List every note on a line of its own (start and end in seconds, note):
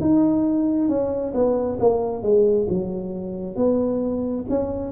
0.00 0.88 D#4
0.88 1.33 C#4
1.34 1.78 B3
1.79 2.22 A#3
2.22 2.67 G#3
2.69 3.55 F#3
3.55 4.45 B3
4.49 4.91 C#4